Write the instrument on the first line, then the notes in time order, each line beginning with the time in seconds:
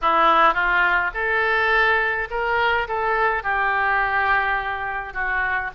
oboe
0.01 E4
0.54 F4
1.14 A4
2.30 A#4
2.88 A4
3.43 G4
5.13 F#4